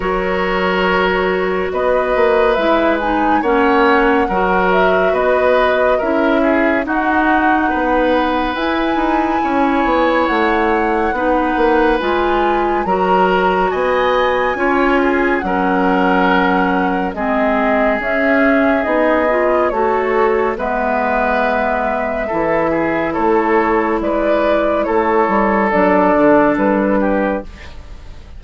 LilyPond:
<<
  \new Staff \with { instrumentName = "flute" } { \time 4/4 \tempo 4 = 70 cis''2 dis''4 e''8 gis''8 | fis''4. e''8 dis''4 e''4 | fis''2 gis''2 | fis''2 gis''4 ais''4 |
gis''2 fis''2 | dis''4 e''4 dis''4 cis''4 | e''2. cis''4 | d''4 cis''4 d''4 b'4 | }
  \new Staff \with { instrumentName = "oboe" } { \time 4/4 ais'2 b'2 | cis''4 ais'4 b'4 ais'8 gis'8 | fis'4 b'2 cis''4~ | cis''4 b'2 ais'4 |
dis''4 cis''8 gis'8 ais'2 | gis'2. a'4 | b'2 a'8 gis'8 a'4 | b'4 a'2~ a'8 g'8 | }
  \new Staff \with { instrumentName = "clarinet" } { \time 4/4 fis'2. e'8 dis'8 | cis'4 fis'2 e'4 | dis'2 e'2~ | e'4 dis'4 f'4 fis'4~ |
fis'4 f'4 cis'2 | c'4 cis'4 dis'8 f'8 fis'4 | b2 e'2~ | e'2 d'2 | }
  \new Staff \with { instrumentName = "bassoon" } { \time 4/4 fis2 b8 ais8 gis4 | ais4 fis4 b4 cis'4 | dis'4 b4 e'8 dis'8 cis'8 b8 | a4 b8 ais8 gis4 fis4 |
b4 cis'4 fis2 | gis4 cis'4 b4 a4 | gis2 e4 a4 | gis4 a8 g8 fis8 d8 g4 | }
>>